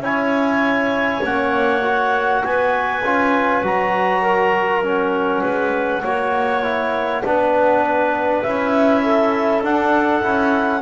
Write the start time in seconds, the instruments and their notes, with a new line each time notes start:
0.00 double bass C#4, trombone E4, clarinet C#5 G#5
1.21 double bass A#3, trombone C#4, clarinet F#5
1.82 trombone F#4
2.44 double bass B3, clarinet B4 G#5
3.02 double bass C#4, trombone F4
3.62 double bass F#3, trombone F#4, clarinet A#5
4.21 clarinet A#4
4.83 trombone C#4, clarinet F#5
5.42 double bass G#3, clarinet B4
6.03 double bass A#3, trombone F#4, clarinet C#5
6.63 trombone E4
7.24 double bass B3, trombone D4, clarinet B4
8.42 double bass C#4, trombone E4, clarinet E5
9.03 clarinet A4
9.62 trombone D4, double bass D4, clarinet F#5
10.21 double bass C#4, trombone E4